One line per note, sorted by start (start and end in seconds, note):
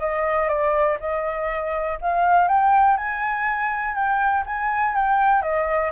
0.00 0.48 D#5
0.48 0.97 D5
1.00 1.98 D#5
2.01 2.48 F5
2.48 2.97 G5
2.97 3.95 G#5
3.95 4.44 G5
4.46 4.95 G#5
4.95 5.42 G5
5.42 5.91 D#5